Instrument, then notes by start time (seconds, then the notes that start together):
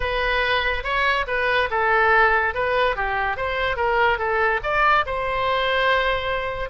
oboe
0.00 B4
0.83 C#5
1.27 B4
1.70 A4
2.54 B4
2.96 G4
3.36 C5
3.76 A#4
4.18 A4
4.63 D5
5.06 C5